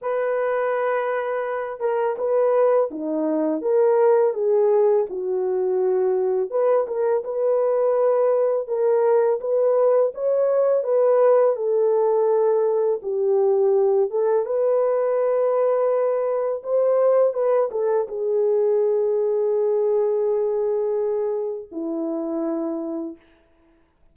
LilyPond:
\new Staff \with { instrumentName = "horn" } { \time 4/4 \tempo 4 = 83 b'2~ b'8 ais'8 b'4 | dis'4 ais'4 gis'4 fis'4~ | fis'4 b'8 ais'8 b'2 | ais'4 b'4 cis''4 b'4 |
a'2 g'4. a'8 | b'2. c''4 | b'8 a'8 gis'2.~ | gis'2 e'2 | }